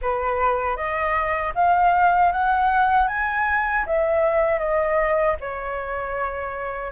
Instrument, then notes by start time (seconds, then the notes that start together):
flute
0.01 B4
0.76 D#5
1.55 F5
2.31 F#5
3.07 G#5
3.85 E5
4.58 D#5
5.40 C#5